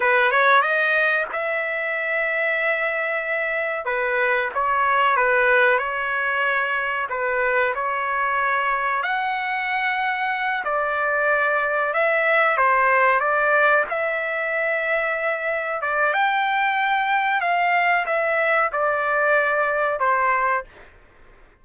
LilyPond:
\new Staff \with { instrumentName = "trumpet" } { \time 4/4 \tempo 4 = 93 b'8 cis''8 dis''4 e''2~ | e''2 b'4 cis''4 | b'4 cis''2 b'4 | cis''2 fis''2~ |
fis''8 d''2 e''4 c''8~ | c''8 d''4 e''2~ e''8~ | e''8 d''8 g''2 f''4 | e''4 d''2 c''4 | }